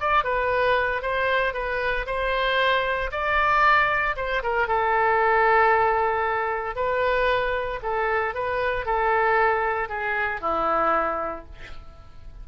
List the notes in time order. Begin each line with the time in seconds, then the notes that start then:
0.00 D5
0.24 B4
1.02 C5
1.54 B4
2.07 C5
3.12 D5
4.16 C5
4.43 A#4
4.68 A4
6.76 B4
7.83 A4
8.35 B4
8.86 A4
9.89 G#4
10.41 E4